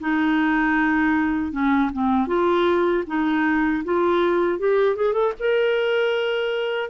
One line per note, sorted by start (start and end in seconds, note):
0.00 1.52 D#4
1.52 1.91 C#4
1.93 2.27 C4
2.27 3.04 F4
3.07 3.84 D#4
3.85 4.59 F4
4.59 4.96 G4
4.96 5.14 G#4
5.14 5.33 A4
5.40 6.90 A#4